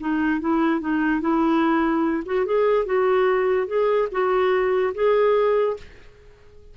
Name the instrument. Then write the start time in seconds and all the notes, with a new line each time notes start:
clarinet
0.00 D#4
0.40 E4
0.80 D#4
1.21 E4
2.25 F#4
2.45 G#4
2.85 F#4
3.67 G#4
4.11 F#4
4.94 G#4